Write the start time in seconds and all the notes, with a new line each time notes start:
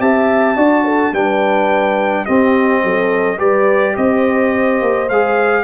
0.00 C4 G4 E5 A5
0.57 D4 F#4 D5
0.85 A4
1.12 G3 D4 B4 G5
2.25 C4 G4 D#5
2.83 F#3 A4
3.38 G3 G4 B4 D5
3.96 C4 C5 D#5
4.81 A#3
5.09 G#3 G#4 F5